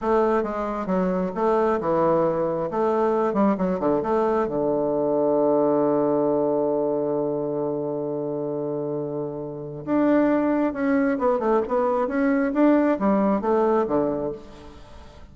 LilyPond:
\new Staff \with { instrumentName = "bassoon" } { \time 4/4 \tempo 4 = 134 a4 gis4 fis4 a4 | e2 a4. g8 | fis8 d8 a4 d2~ | d1~ |
d1~ | d2 d'2 | cis'4 b8 a8 b4 cis'4 | d'4 g4 a4 d4 | }